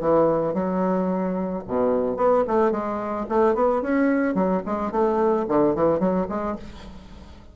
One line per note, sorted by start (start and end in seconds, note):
0.00 0.53 E3
0.53 1.62 F#3
1.67 2.16 B2
2.16 2.43 B3
2.47 2.71 A3
2.71 3.26 G#3
3.29 3.54 A3
3.54 3.81 B3
3.81 4.34 C#4
4.34 4.62 F#3
4.65 4.91 G#3
4.91 5.46 A3
5.48 5.75 D3
5.75 5.99 E3
5.99 6.27 F#3
6.29 6.56 G#3